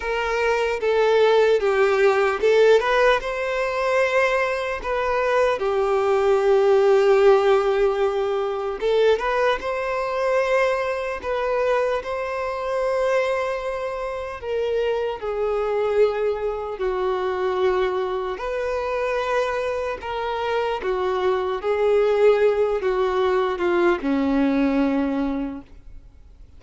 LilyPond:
\new Staff \with { instrumentName = "violin" } { \time 4/4 \tempo 4 = 75 ais'4 a'4 g'4 a'8 b'8 | c''2 b'4 g'4~ | g'2. a'8 b'8 | c''2 b'4 c''4~ |
c''2 ais'4 gis'4~ | gis'4 fis'2 b'4~ | b'4 ais'4 fis'4 gis'4~ | gis'8 fis'4 f'8 cis'2 | }